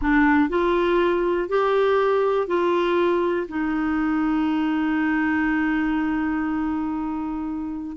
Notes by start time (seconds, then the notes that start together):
0.01 D4
0.49 F4
1.49 G4
2.47 F4
3.48 D#4